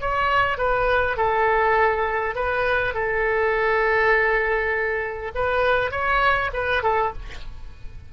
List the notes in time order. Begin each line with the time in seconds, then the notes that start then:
0.00 C#5
0.58 B4
1.17 A4
2.35 B4
2.94 A4
5.35 B4
5.91 C#5
6.53 B4
6.83 A4